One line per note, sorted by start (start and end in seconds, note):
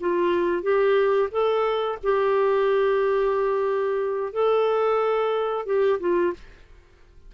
0.00 0.62 F4
0.62 1.29 G4
1.31 1.98 A4
2.02 4.32 G4
4.32 5.66 A4
5.66 5.99 G4
6.00 6.33 F4